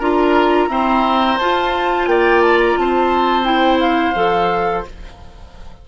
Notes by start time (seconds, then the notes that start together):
0.00 D4 F4 A#4 A#5
0.68 C4 E4 C5
1.39 F4 A5
2.07 A#3 D5 G5
2.42 A5
2.61 A#5
2.78 C4 C5 A5
3.45 E4 G5
3.80 F5
4.16 F3 A4